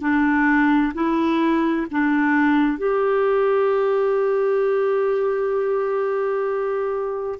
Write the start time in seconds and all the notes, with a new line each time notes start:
0.00 D4
0.94 E4
1.90 D4
2.78 G4